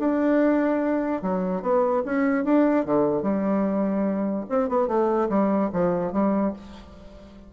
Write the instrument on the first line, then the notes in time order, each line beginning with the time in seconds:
bassoon
0.00 D4
1.23 F#3
1.62 B3
2.06 C#4
2.45 D4
2.86 D3
3.23 G3
4.50 C4
4.69 B3
4.88 A3
5.29 G3
5.73 F3
6.13 G3